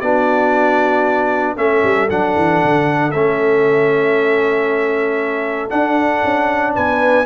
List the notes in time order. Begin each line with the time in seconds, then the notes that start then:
0.00 B3 D4 F#4 D5
1.55 A3 C#4 A4 E5
1.83 G3
2.09 F#3 D4 F#5
2.36 E3
2.64 D3
3.11 A3 C#4 E5
5.70 D4 F#5
6.24 C#4
6.74 B3 B4 G#5